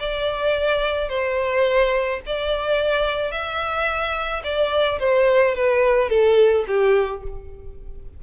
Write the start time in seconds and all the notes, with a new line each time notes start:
0.00 D5
1.09 C5
2.26 D5
3.32 E5
4.44 D5
4.99 C5
5.55 B4
6.10 A4
6.67 G4